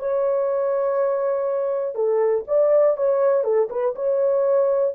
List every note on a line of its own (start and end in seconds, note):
0.00 1.96 C#5
1.96 2.45 A4
2.48 2.97 D5
2.98 3.44 C#5
3.44 3.69 A4
3.70 3.95 B4
3.96 4.95 C#5